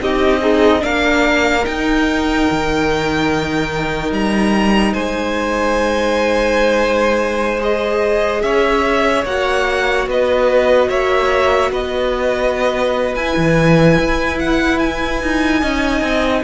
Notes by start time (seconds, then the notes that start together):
0.00 C4 D#4 G4 D#5
0.40 D#4 G#4
0.79 A#3 D4 A#4 F5
1.63 D#4 G5
2.50 D#3
4.11 G3 A#5
4.92 G#3 C5 G#5
7.59 G#4 D#5
8.41 C#4 C#5 E5
9.24 A#3 F#4 F#5
10.07 B3 B4 D#5
10.88 A#3 C#5 E5
11.71 B3 B4 D#5
13.15 E4 G#5
13.36 E3
13.99 E4
14.39 F#5
14.79 G#5
15.22 D#4
15.60 C#4 D#4 D#5
16.01 C4